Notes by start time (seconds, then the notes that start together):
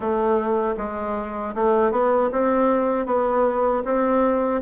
0.00 A3
0.77 G#3
1.55 A3
1.91 B3
2.32 C4
3.06 B3
3.85 C4